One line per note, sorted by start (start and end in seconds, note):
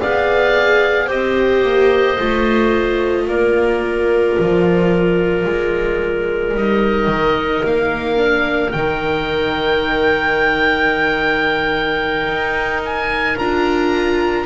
0.00 1.10 B3
0.00 1.08 G#4
0.00 1.06 D5
0.00 1.10 F5
1.06 1.64 C4
1.06 2.17 G4
1.06 3.24 C5
1.06 3.29 D#5
1.64 2.18 A#3
2.19 3.28 A3
2.19 6.55 F4
3.28 4.37 A#3
3.28 14.46 A#4
3.28 6.56 D5
4.39 5.45 F3
5.45 6.54 G#3
6.54 7.07 G3
6.54 8.16 D#4
6.54 7.66 D#5
7.07 7.62 D#3
7.65 8.74 A#3
7.65 8.72 F5
8.16 8.70 D4
8.72 12.27 D#3
8.72 13.39 D#4
8.72 12.81 G5
12.27 13.36 D#4
12.85 13.38 G#5
13.38 14.46 D4
13.38 14.46 F4
13.38 14.46 A#5